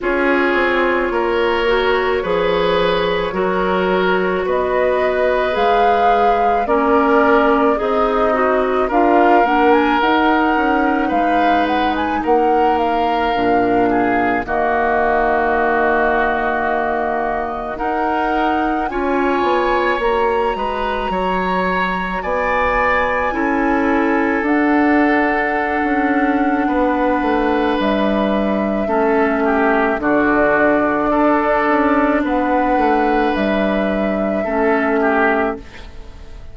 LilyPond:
<<
  \new Staff \with { instrumentName = "flute" } { \time 4/4 \tempo 4 = 54 cis''1 | dis''4 f''4 d''4 dis''4 | f''8 fis''16 gis''16 fis''4 f''8 fis''16 gis''16 fis''8 f''8~ | f''4 dis''2. |
fis''4 gis''4 ais''2 | gis''2 fis''2~ | fis''4 e''2 d''4~ | d''4 fis''4 e''2 | }
  \new Staff \with { instrumentName = "oboe" } { \time 4/4 gis'4 ais'4 b'4 ais'4 | b'2 ais'4 dis'4 | ais'2 b'4 ais'4~ | ais'8 gis'8 fis'2. |
ais'4 cis''4. b'8 cis''4 | d''4 a'2. | b'2 a'8 g'8 fis'4 | a'4 b'2 a'8 g'8 | }
  \new Staff \with { instrumentName = "clarinet" } { \time 4/4 f'4. fis'8 gis'4 fis'4~ | fis'4 gis'4 cis'4 gis'8 fis'8 | f'8 d'8 dis'2. | d'4 ais2. |
dis'4 f'4 fis'2~ | fis'4 e'4 d'2~ | d'2 cis'4 d'4~ | d'2. cis'4 | }
  \new Staff \with { instrumentName = "bassoon" } { \time 4/4 cis'8 c'8 ais4 f4 fis4 | b4 gis4 ais4 c'4 | d'8 ais8 dis'8 cis'8 gis4 ais4 | ais,4 dis2. |
dis'4 cis'8 b8 ais8 gis8 fis4 | b4 cis'4 d'4~ d'16 cis'8. | b8 a8 g4 a4 d4 | d'8 cis'8 b8 a8 g4 a4 | }
>>